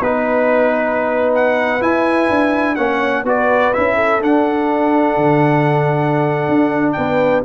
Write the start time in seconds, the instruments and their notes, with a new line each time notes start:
0.00 tuba B3, trombone D#4, trumpet B4, horn B4
1.35 trumpet F#5
1.80 trombone E4, tuba E4, trumpet G#5
2.30 tuba D4
2.75 tuba A#3, trombone C#4, horn C#5, trumpet F#5
3.24 tuba B3, trombone F#4, horn B4, trumpet D5
3.73 tuba C#4, trombone E4, trumpet E5
3.95 horn A4
4.20 trombone D4, tuba D4, trumpet F#5
5.17 tuba D3
6.48 tuba D4
6.92 tuba B3, horn B4, trumpet G5